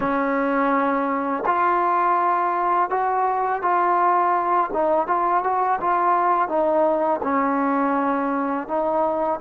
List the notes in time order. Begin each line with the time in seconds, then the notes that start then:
0.00 C#4
1.46 F4
2.90 F#4
3.61 F4
4.73 D#4
5.07 F4
5.43 F#4
5.80 F4
6.48 D#4
7.23 C#4
8.67 D#4